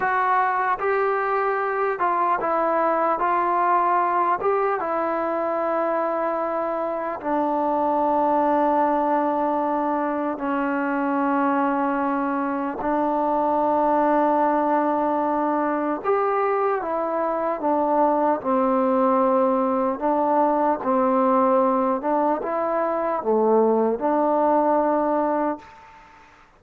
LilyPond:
\new Staff \with { instrumentName = "trombone" } { \time 4/4 \tempo 4 = 75 fis'4 g'4. f'8 e'4 | f'4. g'8 e'2~ | e'4 d'2.~ | d'4 cis'2. |
d'1 | g'4 e'4 d'4 c'4~ | c'4 d'4 c'4. d'8 | e'4 a4 d'2 | }